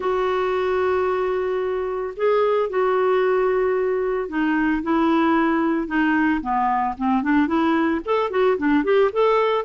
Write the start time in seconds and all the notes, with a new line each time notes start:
0.00 F#4
2.16 G#4
2.69 F#4
4.28 D#4
4.82 E4
5.87 D#4
6.41 B3
6.97 C4
7.22 D4
7.47 E4
8.05 A4
8.30 F#4
8.57 D4
8.84 G4
9.12 A4